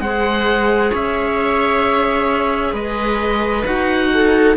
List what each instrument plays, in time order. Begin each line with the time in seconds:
0.00 cello G#3, clarinet G#4, viola C5, oboe F#5
0.90 cello C#4, viola C#5, oboe E5
2.72 cello G#3, viola B4, oboe D#5
3.65 cello D#4, clarinet F#4, oboe F#5
4.13 viola A4